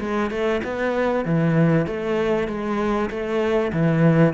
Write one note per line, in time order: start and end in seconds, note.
0.00 0.31 G#3
0.31 0.62 A3
0.64 1.25 B3
1.25 1.87 E3
1.87 2.48 A3
2.48 3.10 G#3
3.10 3.72 A3
3.73 4.34 E3